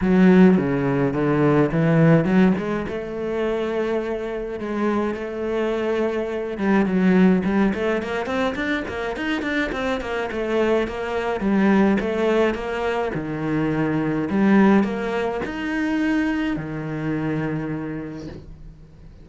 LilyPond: \new Staff \with { instrumentName = "cello" } { \time 4/4 \tempo 4 = 105 fis4 cis4 d4 e4 | fis8 gis8 a2. | gis4 a2~ a8 g8 | fis4 g8 a8 ais8 c'8 d'8 ais8 |
dis'8 d'8 c'8 ais8 a4 ais4 | g4 a4 ais4 dis4~ | dis4 g4 ais4 dis'4~ | dis'4 dis2. | }